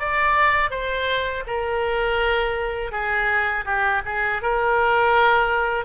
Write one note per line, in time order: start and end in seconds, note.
0.00 0.71 D5
0.71 1.44 C5
1.47 2.92 A#4
2.92 3.65 G#4
3.66 4.02 G4
4.06 4.42 G#4
4.42 5.85 A#4